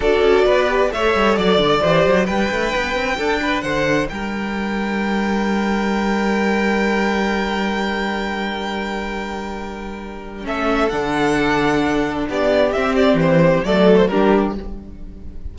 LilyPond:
<<
  \new Staff \with { instrumentName = "violin" } { \time 4/4 \tempo 4 = 132 d''2 e''4 d''4~ | d''4 g''2. | fis''4 g''2.~ | g''1~ |
g''1~ | g''2. e''4 | fis''2. d''4 | e''8 d''8 c''4 d''8. c''16 ais'4 | }
  \new Staff \with { instrumentName = "violin" } { \time 4/4 a'4 b'4 cis''4 d''4 | c''4 b'2 a'8 b'8 | c''4 ais'2.~ | ais'1~ |
ais'1~ | ais'2. a'4~ | a'2. g'4~ | g'2 a'4 g'4 | }
  \new Staff \with { instrumentName = "viola" } { \time 4/4 fis'4. g'8 a'2 | g'4 d'2.~ | d'1~ | d'1~ |
d'1~ | d'2. cis'4 | d'1 | c'2 a4 d'4 | }
  \new Staff \with { instrumentName = "cello" } { \time 4/4 d'8 cis'8 b4 a8 g8 fis8 d8 | e8 fis8 g8 a8 b8 c'8 d'4 | d4 g2.~ | g1~ |
g1~ | g2. a4 | d2. b4 | c'4 e4 fis4 g4 | }
>>